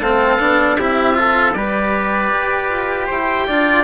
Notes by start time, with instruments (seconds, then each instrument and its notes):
0.00 bassoon A3, cello C4, trumpet A4, oboe F5
0.40 bassoon B3, cello D4
0.78 bassoon C4, cello E4, trumpet G4, oboe E5
1.14 cello F4, trumpet A4
1.53 bassoon G3, cello G4, trumpet B4, oboe D5
2.32 bassoon G4
2.70 bassoon F4
3.07 bassoon E4, trumpet C5, oboe G5
3.47 bassoon D4, cello F4, trumpet D5